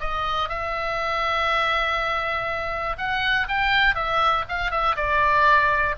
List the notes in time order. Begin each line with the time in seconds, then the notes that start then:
0.00 D#5
0.49 E5
2.98 F#5
3.48 G5
3.95 E5
4.48 F5
4.71 E5
4.96 D5